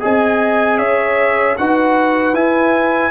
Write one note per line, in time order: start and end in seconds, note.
0.00 0.79 C4
0.00 1.56 G#4
0.00 0.79 D#5
0.00 0.78 G#5
0.78 1.56 C#4
0.78 1.57 C#5
0.78 1.56 E5
1.57 2.33 D#4
1.57 2.34 F#4
1.57 3.11 B4
1.57 2.35 F#5
2.33 3.11 E4
2.33 3.11 G#5